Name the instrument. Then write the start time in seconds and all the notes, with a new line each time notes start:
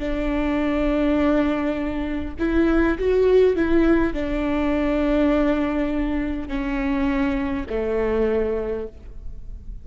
viola
0.00 D4
2.40 E4
2.98 F#4
3.56 E4
4.14 D4
6.49 C#4
7.70 A3